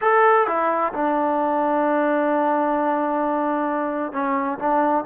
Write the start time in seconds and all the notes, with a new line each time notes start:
0.01 A4
0.47 E4
0.93 D4
4.12 C#4
4.58 D4